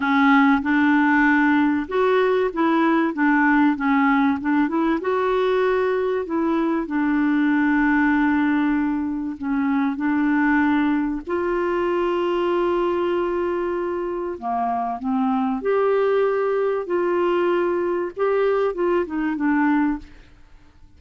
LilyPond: \new Staff \with { instrumentName = "clarinet" } { \time 4/4 \tempo 4 = 96 cis'4 d'2 fis'4 | e'4 d'4 cis'4 d'8 e'8 | fis'2 e'4 d'4~ | d'2. cis'4 |
d'2 f'2~ | f'2. ais4 | c'4 g'2 f'4~ | f'4 g'4 f'8 dis'8 d'4 | }